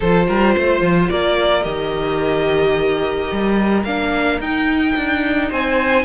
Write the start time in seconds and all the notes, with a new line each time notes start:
0.00 F3 F4 A4 C5
0.27 G3 A#4
0.56 A3 C5
0.80 F3
1.09 A#3 A#4 D5
1.62 D#3 G4 D#5
3.31 G3
3.83 A#3 D4 F5
4.39 D#4 G5
4.95 D4
5.49 C4 C5 G#5